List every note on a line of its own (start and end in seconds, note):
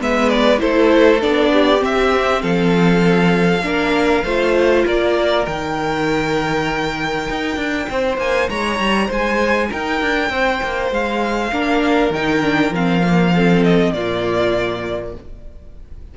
0.00 0.61 G#3
0.00 0.58 B3
0.00 0.61 B4
0.00 0.29 E5
0.29 0.59 D5
0.58 1.22 A3
0.58 1.19 E4
0.58 1.52 A4
0.58 1.21 C5
1.21 1.83 B3
1.21 1.78 D4
1.21 1.83 D5
1.52 2.42 G4
1.78 3.60 C4
1.78 2.43 C4
1.78 2.42 E5
2.42 3.63 F3
2.42 3.63 A4
2.42 4.84 F5
3.62 4.23 A#3
3.62 4.23 D4
3.62 4.24 A#4
4.23 4.84 A3
4.23 5.45 F4
4.23 4.85 C5
4.85 5.46 A#3
4.85 7.88 A#4
4.85 5.46 D5
5.45 7.28 D#3
5.45 11.51 D#4
5.45 8.18 G5
7.29 7.56 D#4
7.56 7.87 D4
7.89 8.18 C4
7.89 8.49 C5
8.18 8.48 A#3
8.18 8.49 G#5
8.49 8.79 G#3
8.49 9.07 C#5
8.49 9.10 A#5
8.79 9.09 G3
9.07 9.70 G#3
9.07 9.67 C5
9.07 9.72 G#5
9.69 10.01 D#4
9.69 10.30 A#4
9.69 10.93 G5
10.01 10.30 D4
10.30 10.60 C4
10.30 11.52 C5
10.63 10.91 A#3
10.91 11.52 G#3
10.91 12.13 F5
11.52 12.10 A#3
11.52 12.12 D4
11.52 13.33 A#4
12.10 12.71 D#3
12.10 12.42 D#4
12.10 12.73 G5
12.42 12.73 D4
12.71 13.92 F3
12.71 13.03 C4
12.71 13.63 F5
13.03 13.33 A#3
13.33 13.95 C4
13.33 13.93 A4
13.63 13.93 D#5
13.93 15.14 A#2
13.93 15.17 A#3
13.93 15.15 F4
13.93 15.14 D5